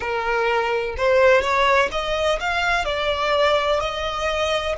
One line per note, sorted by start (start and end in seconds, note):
0.00 0.95 A#4
0.97 1.41 C5
1.41 1.89 C#5
1.91 2.39 D#5
2.40 2.84 F5
2.84 3.80 D5
3.80 4.75 D#5